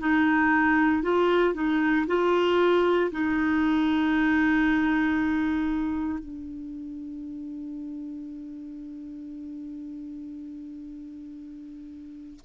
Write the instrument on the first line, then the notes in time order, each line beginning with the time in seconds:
clarinet
0.00 D#4
1.03 F4
1.54 D#4
2.07 F4
3.12 D#4
6.19 D4